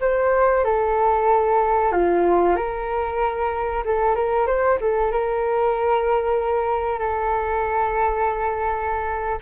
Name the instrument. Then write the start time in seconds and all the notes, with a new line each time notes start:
flute
0.00 C5
0.64 A4
1.92 F4
2.56 A#4
3.84 A4
4.15 A#4
4.46 C5
4.80 A4
5.11 A#4
6.99 A4